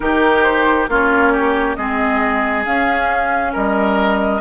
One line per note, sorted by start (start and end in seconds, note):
0.00 0.87 D#3
0.00 0.88 D#4
0.00 0.89 G4
0.00 0.42 A#4
0.42 0.86 C5
0.87 1.76 A#3
0.87 1.78 C#4
0.87 1.32 F4
0.87 1.75 C#5
1.32 1.76 G4
1.75 2.65 G#3
1.75 2.65 C4
1.75 3.52 G#4
1.75 2.63 D#5
2.65 4.40 C#4
2.65 3.54 C#4
2.65 3.53 F5
3.52 4.40 G3
3.52 4.40 A#4
3.52 4.40 D#5